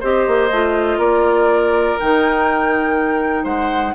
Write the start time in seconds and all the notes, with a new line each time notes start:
0.00 C4 G4 C5 D#5
0.27 A#3
0.51 A3 F4
0.98 A#3 A#4 D5
1.99 D#3 D#4 G5
3.44 G#3 C5 F#5